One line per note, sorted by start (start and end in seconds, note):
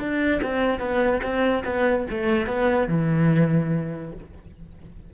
0.00 0.41 D4
0.43 0.80 C4
0.80 1.21 B3
1.23 1.64 C4
1.65 2.07 B3
2.11 2.47 A3
2.47 2.88 B3
2.88 4.12 E3